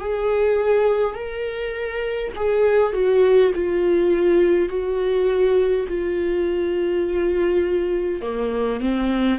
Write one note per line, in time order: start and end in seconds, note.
0.00 1.14 G#4
1.14 2.32 A#4
2.36 2.93 G#4
2.93 3.52 F#4
3.55 4.69 F4
4.69 5.87 F#4
5.88 8.21 F4
8.21 8.80 A#3
8.80 9.39 C4